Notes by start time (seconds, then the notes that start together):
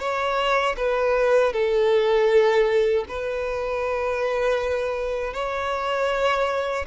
0.00 C#5
0.77 B4
1.53 A4
3.09 B4
5.34 C#5